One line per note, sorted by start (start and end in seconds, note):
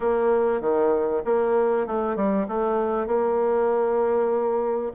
0.00 0.60 A#3
0.60 1.22 D#3
1.24 1.86 A#3
1.86 2.15 A3
2.15 2.46 G3
2.47 3.06 A3
3.06 4.92 A#3